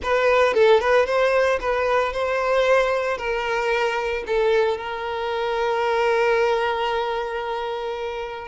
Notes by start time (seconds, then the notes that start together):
0.02 B4
0.54 A4
0.80 B4
1.06 C5
1.60 B4
2.12 C5
3.17 A#4
4.26 A4
4.77 A#4